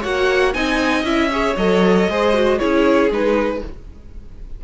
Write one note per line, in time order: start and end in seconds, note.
0.00 0.55 A#3
0.00 0.54 F#4
0.00 0.51 C#5
0.00 0.54 F#5
0.54 1.04 C4
0.54 1.05 D#4
0.54 1.32 D#5
0.54 1.05 G#5
1.04 1.55 C#4
1.04 1.31 E4
1.04 1.57 E5
1.32 1.57 G#4
1.32 2.10 C#5
1.57 2.08 F#3
1.57 2.10 A4
1.57 2.59 D#5
2.09 2.60 G#3
2.09 2.34 G#4
2.09 2.59 C5
2.34 2.60 F#4
2.59 3.10 C#4
2.59 3.11 E4
2.59 3.62 G#4
2.59 3.10 C#5
3.10 3.62 G#3
3.10 3.64 D#4
3.10 3.65 B4